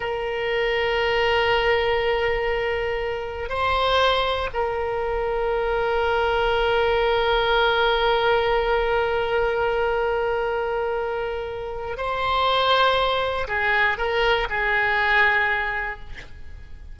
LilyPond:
\new Staff \with { instrumentName = "oboe" } { \time 4/4 \tempo 4 = 120 ais'1~ | ais'2. c''4~ | c''4 ais'2.~ | ais'1~ |
ais'1~ | ais'1 | c''2. gis'4 | ais'4 gis'2. | }